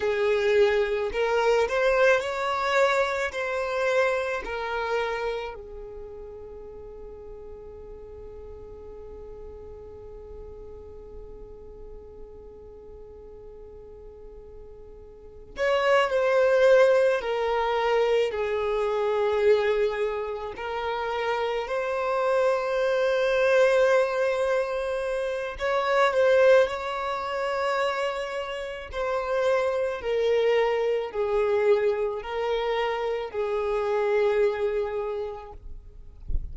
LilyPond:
\new Staff \with { instrumentName = "violin" } { \time 4/4 \tempo 4 = 54 gis'4 ais'8 c''8 cis''4 c''4 | ais'4 gis'2.~ | gis'1~ | gis'2 cis''8 c''4 ais'8~ |
ais'8 gis'2 ais'4 c''8~ | c''2. cis''8 c''8 | cis''2 c''4 ais'4 | gis'4 ais'4 gis'2 | }